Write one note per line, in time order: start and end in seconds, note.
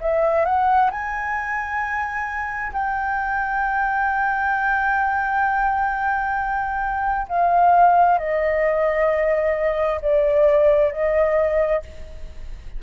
0.00 0.45 E5
0.45 0.90 F#5
0.90 2.72 G#5
2.73 7.27 G5
7.29 8.18 F5
8.18 10.00 D#5
10.02 10.91 D5
10.91 11.82 D#5